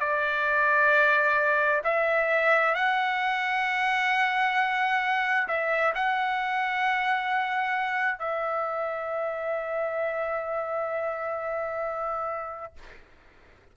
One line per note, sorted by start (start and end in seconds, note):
0.00 1.82 D5
1.84 2.74 E5
2.74 5.47 F#5
5.48 5.93 E5
5.95 8.18 F#5
8.18 12.73 E5